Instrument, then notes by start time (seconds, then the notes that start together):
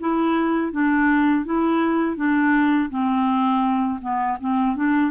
clarinet
0.00 E4
0.72 D4
1.45 E4
2.17 D4
2.90 C4
4.01 B3
4.40 C4
4.76 D4